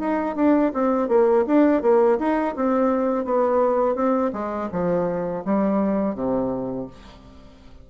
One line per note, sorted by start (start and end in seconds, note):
0.00 0.36 D#4
0.36 0.72 D4
0.74 1.09 C4
1.09 1.45 A#3
1.47 1.82 D4
1.82 2.19 A#3
2.19 2.55 D#4
2.56 3.25 C4
3.25 3.95 B3
3.95 4.31 C4
4.33 4.70 G#3
4.72 5.44 F3
5.45 6.15 G3
6.15 6.87 C3